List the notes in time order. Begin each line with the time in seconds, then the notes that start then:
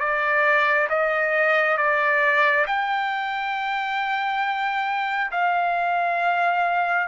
0.00 D5
0.90 D#5
1.78 D5
2.67 G5
5.32 F5